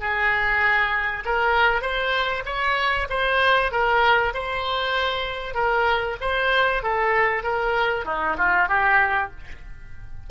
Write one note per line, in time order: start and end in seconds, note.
0.00 1.24 G#4
1.25 1.82 A#4
1.82 2.43 C5
2.46 3.08 C#5
3.10 3.71 C5
3.71 4.33 A#4
4.34 5.55 C5
5.55 6.17 A#4
6.21 6.83 C5
6.83 7.43 A4
7.43 8.05 A#4
8.06 8.36 D#4
8.38 8.69 F4
8.69 9.30 G4